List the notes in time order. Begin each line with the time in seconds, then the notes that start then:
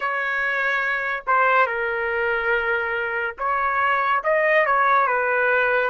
0.00 C#5
1.26 C5
1.66 A#4
3.38 C#5
4.23 D#5
4.66 C#5
5.07 B4